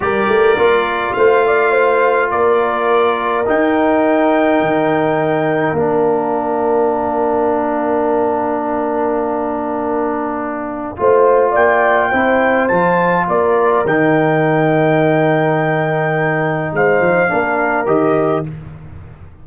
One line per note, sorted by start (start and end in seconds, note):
0.00 0.27 G3
0.00 0.56 G4
0.00 1.16 A#4
0.00 1.13 D5
0.27 0.56 A3
0.57 1.14 A#3
0.57 3.45 F4
1.13 2.31 A3
1.13 1.45 C5
1.13 2.28 F5
1.47 1.71 D5
1.71 2.28 C5
2.30 3.46 A#3
2.30 10.97 A#4
2.30 3.45 D5
3.45 5.76 D#4
3.45 4.60 D#4
3.45 5.78 G5
4.60 5.72 D#3
5.72 10.92 A#3
5.72 10.95 D4
5.72 11.54 F5
10.96 11.54 A3
10.96 12.12 F4
10.96 11.51 C5
11.51 12.12 A#3
11.51 12.08 D5
11.51 12.68 G5
12.09 12.70 C4
12.09 12.69 E4
12.09 13.24 C5
12.68 13.27 F3
12.68 13.85 F4
12.68 13.25 A5
13.27 13.84 A#3
13.27 16.74 A#4
13.27 13.86 D5
13.84 16.72 D#3
13.84 17.28 D#4
13.84 16.75 G5
16.72 17.00 G#3
16.72 17.32 C5
16.72 17.87 F5
17.00 17.29 F3
17.28 17.86 A#3
17.28 17.85 D4
17.28 18.47 A#4
17.85 18.44 D#3
17.85 18.43 G4
17.85 18.45 D#5